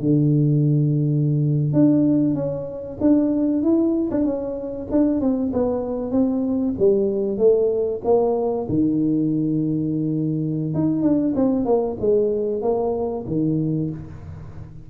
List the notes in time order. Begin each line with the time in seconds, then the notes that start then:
0.00 D3
1.74 D4
2.35 C#4
3.01 D4
3.63 E4
4.11 D4
4.25 C#4
4.91 D4
5.21 C4
5.53 B3
6.12 C4
6.79 G3
7.38 A3
8.05 A#3
8.69 D#3
10.75 D#4
11.03 D4
11.36 C4
11.66 A#3
12.01 G#3
12.62 A#3
13.27 D#3